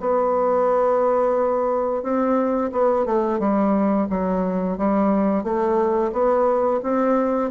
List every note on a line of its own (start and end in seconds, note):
0.00 2.03 B3
2.03 2.71 C4
2.72 3.06 B3
3.06 3.39 A3
3.39 4.08 G3
4.10 4.78 F#3
4.78 5.44 G3
5.44 6.12 A3
6.12 6.81 B3
6.83 7.51 C4